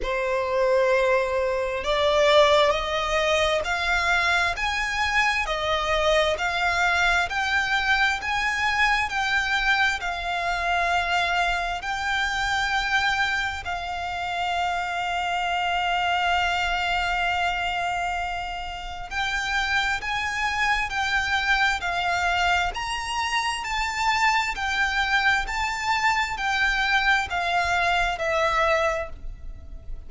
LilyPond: \new Staff \with { instrumentName = "violin" } { \time 4/4 \tempo 4 = 66 c''2 d''4 dis''4 | f''4 gis''4 dis''4 f''4 | g''4 gis''4 g''4 f''4~ | f''4 g''2 f''4~ |
f''1~ | f''4 g''4 gis''4 g''4 | f''4 ais''4 a''4 g''4 | a''4 g''4 f''4 e''4 | }